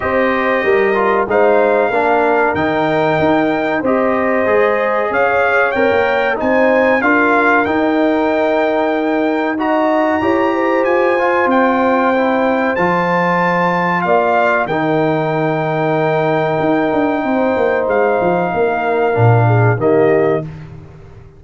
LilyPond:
<<
  \new Staff \with { instrumentName = "trumpet" } { \time 4/4 \tempo 4 = 94 dis''2 f''2 | g''2 dis''2 | f''4 g''4 gis''4 f''4 | g''2. ais''4~ |
ais''4 gis''4 g''2 | a''2 f''4 g''4~ | g''1 | f''2. dis''4 | }
  \new Staff \with { instrumentName = "horn" } { \time 4/4 c''4 ais'4 c''4 ais'4~ | ais'2 c''2 | cis''2 c''4 ais'4~ | ais'2. dis''4 |
cis''8 c''2.~ c''8~ | c''2 d''4 ais'4~ | ais'2. c''4~ | c''4 ais'4. gis'8 g'4 | }
  \new Staff \with { instrumentName = "trombone" } { \time 4/4 g'4. f'8 dis'4 d'4 | dis'2 g'4 gis'4~ | gis'4 ais'4 dis'4 f'4 | dis'2. fis'4 |
g'4. f'4. e'4 | f'2. dis'4~ | dis'1~ | dis'2 d'4 ais4 | }
  \new Staff \with { instrumentName = "tuba" } { \time 4/4 c'4 g4 gis4 ais4 | dis4 dis'4 c'4 gis4 | cis'4 c'16 ais8. c'4 d'4 | dis'1 |
e'4 f'4 c'2 | f2 ais4 dis4~ | dis2 dis'8 d'8 c'8 ais8 | gis8 f8 ais4 ais,4 dis4 | }
>>